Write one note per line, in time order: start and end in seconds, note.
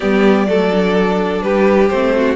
0.00 0.47 G3
0.00 0.47 B3
0.00 0.47 G4
0.00 1.42 D5
0.47 1.42 F#3
0.47 0.71 A3
0.47 1.43 A4
0.71 1.90 D4
1.42 1.90 G3
1.42 2.15 G4
1.42 1.88 B4
1.88 2.36 A3
1.88 2.36 C4
1.88 2.36 C5
2.16 2.36 F#4